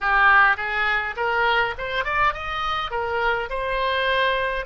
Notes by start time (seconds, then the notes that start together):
0.01 G4
0.57 G#4
1.16 A#4
1.78 C5
2.04 D5
2.33 D#5
2.90 A#4
3.50 C5